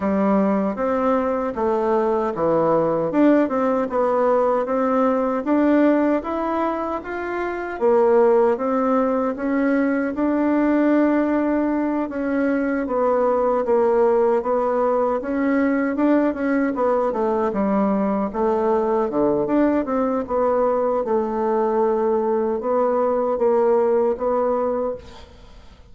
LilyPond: \new Staff \with { instrumentName = "bassoon" } { \time 4/4 \tempo 4 = 77 g4 c'4 a4 e4 | d'8 c'8 b4 c'4 d'4 | e'4 f'4 ais4 c'4 | cis'4 d'2~ d'8 cis'8~ |
cis'8 b4 ais4 b4 cis'8~ | cis'8 d'8 cis'8 b8 a8 g4 a8~ | a8 d8 d'8 c'8 b4 a4~ | a4 b4 ais4 b4 | }